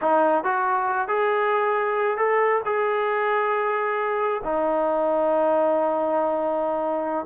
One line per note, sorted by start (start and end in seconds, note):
0.01 0.44 D#4
0.44 1.08 F#4
1.08 2.17 G#4
2.17 2.61 A4
2.65 4.41 G#4
4.43 7.25 D#4